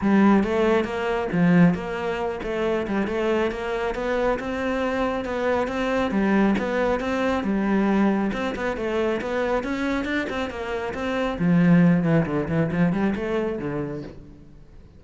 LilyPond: \new Staff \with { instrumentName = "cello" } { \time 4/4 \tempo 4 = 137 g4 a4 ais4 f4 | ais4. a4 g8 a4 | ais4 b4 c'2 | b4 c'4 g4 b4 |
c'4 g2 c'8 b8 | a4 b4 cis'4 d'8 c'8 | ais4 c'4 f4. e8 | d8 e8 f8 g8 a4 d4 | }